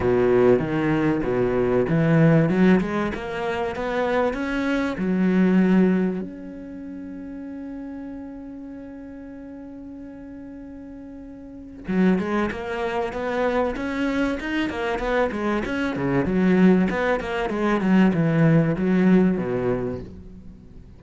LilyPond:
\new Staff \with { instrumentName = "cello" } { \time 4/4 \tempo 4 = 96 b,4 dis4 b,4 e4 | fis8 gis8 ais4 b4 cis'4 | fis2 cis'2~ | cis'1~ |
cis'2. fis8 gis8 | ais4 b4 cis'4 dis'8 ais8 | b8 gis8 cis'8 cis8 fis4 b8 ais8 | gis8 fis8 e4 fis4 b,4 | }